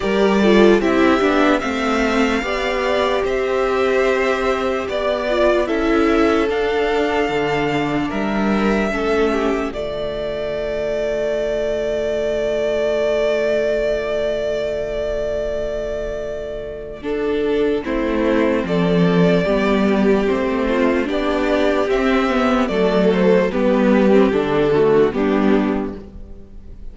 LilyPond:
<<
  \new Staff \with { instrumentName = "violin" } { \time 4/4 \tempo 4 = 74 d''4 e''4 f''2 | e''2 d''4 e''4 | f''2 e''2 | d''1~ |
d''1~ | d''4 a'4 c''4 d''4~ | d''4 c''4 d''4 e''4 | d''8 c''8 b'4 a'4 g'4 | }
  \new Staff \with { instrumentName = "violin" } { \time 4/4 ais'8 a'8 g'4 e''4 d''4 | c''2 d''4 a'4~ | a'2 ais'4 a'8 g'8 | f'1~ |
f'1~ | f'2 e'4 a'4 | g'4. f'8 g'2 | a'4 g'4. fis'8 d'4 | }
  \new Staff \with { instrumentName = "viola" } { \time 4/4 g'8 f'8 e'8 d'8 c'4 g'4~ | g'2~ g'8 f'8 e'4 | d'2. cis'4 | a1~ |
a1~ | a4 d'4 c'2 | b4 c'4 d'4 c'8 b8 | a4 b8. c'16 d'8 a8 b4 | }
  \new Staff \with { instrumentName = "cello" } { \time 4/4 g4 c'8 b8 a4 b4 | c'2 b4 cis'4 | d'4 d4 g4 a4 | d1~ |
d1~ | d2 a4 f4 | g4 a4 b4 c'4 | fis4 g4 d4 g4 | }
>>